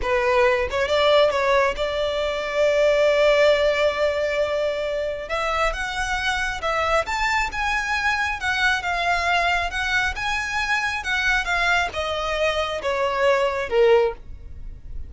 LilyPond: \new Staff \with { instrumentName = "violin" } { \time 4/4 \tempo 4 = 136 b'4. cis''8 d''4 cis''4 | d''1~ | d''1 | e''4 fis''2 e''4 |
a''4 gis''2 fis''4 | f''2 fis''4 gis''4~ | gis''4 fis''4 f''4 dis''4~ | dis''4 cis''2 ais'4 | }